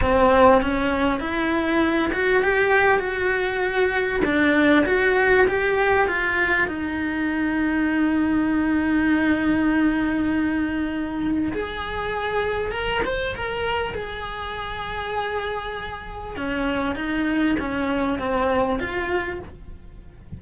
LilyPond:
\new Staff \with { instrumentName = "cello" } { \time 4/4 \tempo 4 = 99 c'4 cis'4 e'4. fis'8 | g'4 fis'2 d'4 | fis'4 g'4 f'4 dis'4~ | dis'1~ |
dis'2. gis'4~ | gis'4 ais'8 c''8 ais'4 gis'4~ | gis'2. cis'4 | dis'4 cis'4 c'4 f'4 | }